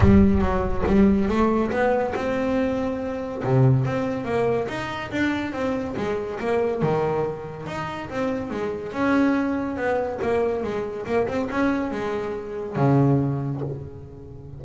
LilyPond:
\new Staff \with { instrumentName = "double bass" } { \time 4/4 \tempo 4 = 141 g4 fis4 g4 a4 | b4 c'2. | c4 c'4 ais4 dis'4 | d'4 c'4 gis4 ais4 |
dis2 dis'4 c'4 | gis4 cis'2 b4 | ais4 gis4 ais8 c'8 cis'4 | gis2 cis2 | }